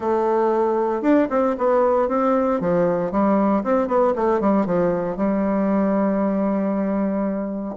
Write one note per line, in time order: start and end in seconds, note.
0.00 1.02 A3
1.02 1.27 D4
1.30 1.55 C4
1.58 2.08 B3
2.08 2.60 C4
2.60 3.11 F3
3.11 3.63 G3
3.63 3.87 C4
3.87 4.13 B3
4.15 4.40 A3
4.40 4.66 G3
4.66 5.17 F3
5.17 7.75 G3